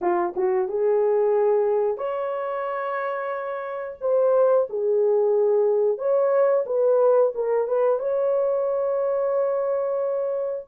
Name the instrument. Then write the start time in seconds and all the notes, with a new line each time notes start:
horn
0.01 F4
0.36 F#4
0.68 G#4
1.97 C#5
4.01 C5
4.69 G#4
5.98 C#5
6.66 B4
7.35 A#4
7.67 B4
7.99 C#5